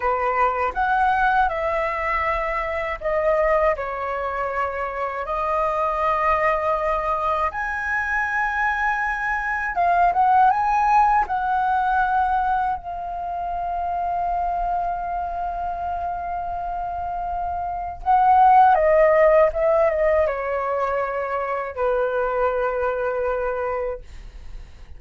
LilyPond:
\new Staff \with { instrumentName = "flute" } { \time 4/4 \tempo 4 = 80 b'4 fis''4 e''2 | dis''4 cis''2 dis''4~ | dis''2 gis''2~ | gis''4 f''8 fis''8 gis''4 fis''4~ |
fis''4 f''2.~ | f''1 | fis''4 dis''4 e''8 dis''8 cis''4~ | cis''4 b'2. | }